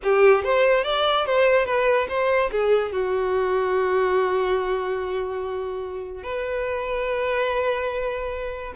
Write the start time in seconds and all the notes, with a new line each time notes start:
0.03 G4
0.44 C5
0.84 D5
1.26 C5
1.65 B4
2.09 C5
2.51 G#4
2.91 F#4
6.23 B4